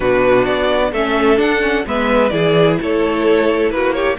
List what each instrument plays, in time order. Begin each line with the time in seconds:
0.00 cello B2, viola D4, violin F#4 B4
0.45 cello B3, violin D5
0.92 cello A3, viola C#4, violin A4 E5
1.36 viola D4, cello D4, violin F#5
1.61 viola C#4
1.86 cello G#3, viola B3, violin B4 E5
2.29 cello E3, viola E4, violin G#4 D5
2.80 cello A3, violin A4 C#5
3.70 cello A#3, violin F#4 B4
3.93 violin G4 C#5